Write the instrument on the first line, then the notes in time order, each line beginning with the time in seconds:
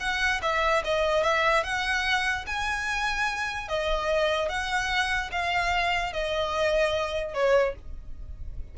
violin
0.00 F#5
0.42 E5
0.85 D#5
1.23 E5
1.64 F#5
2.47 G#5
3.68 D#5
4.49 F#5
5.32 F5
6.13 D#5
7.34 C#5